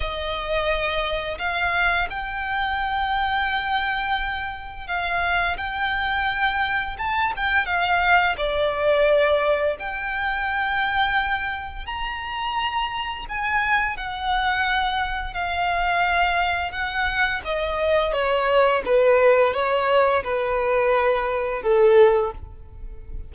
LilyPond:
\new Staff \with { instrumentName = "violin" } { \time 4/4 \tempo 4 = 86 dis''2 f''4 g''4~ | g''2. f''4 | g''2 a''8 g''8 f''4 | d''2 g''2~ |
g''4 ais''2 gis''4 | fis''2 f''2 | fis''4 dis''4 cis''4 b'4 | cis''4 b'2 a'4 | }